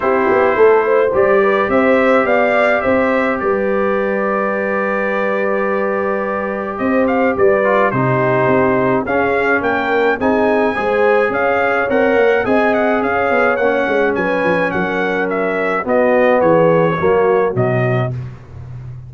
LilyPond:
<<
  \new Staff \with { instrumentName = "trumpet" } { \time 4/4 \tempo 4 = 106 c''2 d''4 e''4 | f''4 e''4 d''2~ | d''1 | dis''8 f''8 d''4 c''2 |
f''4 g''4 gis''2 | f''4 fis''4 gis''8 fis''8 f''4 | fis''4 gis''4 fis''4 e''4 | dis''4 cis''2 dis''4 | }
  \new Staff \with { instrumentName = "horn" } { \time 4/4 g'4 a'8 c''4 b'8 c''4 | d''4 c''4 b'2~ | b'1 | c''4 b'4 g'2 |
gis'4 ais'4 gis'4 c''4 | cis''2 dis''4 cis''4~ | cis''4 b'4 ais'2 | fis'4 gis'4 fis'2 | }
  \new Staff \with { instrumentName = "trombone" } { \time 4/4 e'2 g'2~ | g'1~ | g'1~ | g'4. f'8 dis'2 |
cis'2 dis'4 gis'4~ | gis'4 ais'4 gis'2 | cis'1 | b2 ais4 fis4 | }
  \new Staff \with { instrumentName = "tuba" } { \time 4/4 c'8 b8 a4 g4 c'4 | b4 c'4 g2~ | g1 | c'4 g4 c4 c'4 |
cis'4 ais4 c'4 gis4 | cis'4 c'8 ais8 c'4 cis'8 b8 | ais8 gis8 fis8 f8 fis2 | b4 e4 fis4 b,4 | }
>>